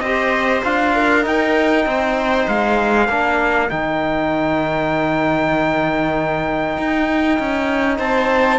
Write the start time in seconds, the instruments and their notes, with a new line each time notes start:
0.00 cello C4, trombone G4, viola C5, trumpet D#5
0.63 cello D4, trombone F4, trumpet F5
0.95 viola A#4
1.22 trombone D#4, cello D#4, trumpet G5
1.86 cello C4, viola C5
2.48 cello G#3, trumpet F5
3.09 cello A#3, trombone D4, viola A#4
3.70 cello D#3, trombone D#4, trumpet G5
6.78 cello D#4
7.40 cello C#4
7.99 cello C4, viola C5, trumpet A5